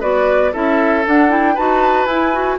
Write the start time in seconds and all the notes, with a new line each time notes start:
0.00 B3 F#4 B4 D5
0.53 C#4 E4 A4 E5
1.06 D4 F#5
1.29 E4 G5
1.54 D#4 F#4 B4 A5
2.06 E4 G#5
2.32 F#4